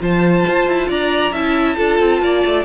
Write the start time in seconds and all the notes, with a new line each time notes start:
0.00 F3 F4 C5 A5
0.47 F4
0.67 E4
0.89 D4 D5 A#5
1.32 C#4 E4 E5 A5
1.76 D4 F4 A4
1.99 C4
2.21 A#3 D5
2.45 A3